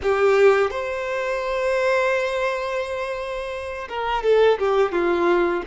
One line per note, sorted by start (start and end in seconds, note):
0.02 0.70 G4
0.70 3.88 C5
3.89 4.23 A#4
4.23 4.58 A4
4.58 4.92 G4
4.92 5.62 F4